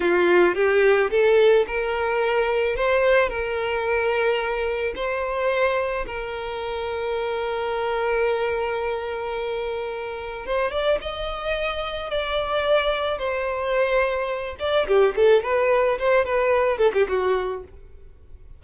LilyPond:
\new Staff \with { instrumentName = "violin" } { \time 4/4 \tempo 4 = 109 f'4 g'4 a'4 ais'4~ | ais'4 c''4 ais'2~ | ais'4 c''2 ais'4~ | ais'1~ |
ais'2. c''8 d''8 | dis''2 d''2 | c''2~ c''8 d''8 g'8 a'8 | b'4 c''8 b'4 a'16 g'16 fis'4 | }